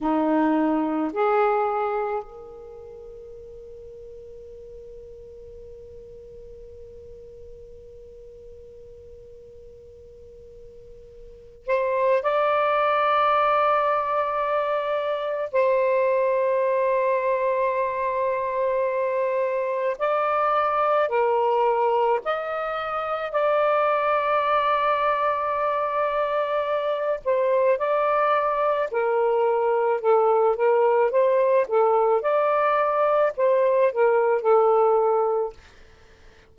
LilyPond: \new Staff \with { instrumentName = "saxophone" } { \time 4/4 \tempo 4 = 54 dis'4 gis'4 ais'2~ | ais'1~ | ais'2~ ais'8 c''8 d''4~ | d''2 c''2~ |
c''2 d''4 ais'4 | dis''4 d''2.~ | d''8 c''8 d''4 ais'4 a'8 ais'8 | c''8 a'8 d''4 c''8 ais'8 a'4 | }